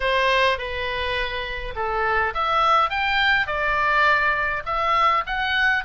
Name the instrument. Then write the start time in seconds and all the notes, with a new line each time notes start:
oboe
0.00 C5
0.58 B4
1.75 A4
2.34 E5
2.89 G5
3.47 D5
4.65 E5
5.26 F#5